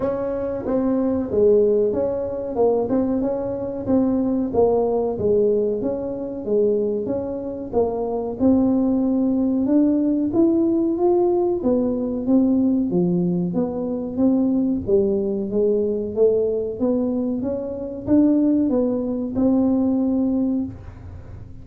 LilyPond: \new Staff \with { instrumentName = "tuba" } { \time 4/4 \tempo 4 = 93 cis'4 c'4 gis4 cis'4 | ais8 c'8 cis'4 c'4 ais4 | gis4 cis'4 gis4 cis'4 | ais4 c'2 d'4 |
e'4 f'4 b4 c'4 | f4 b4 c'4 g4 | gis4 a4 b4 cis'4 | d'4 b4 c'2 | }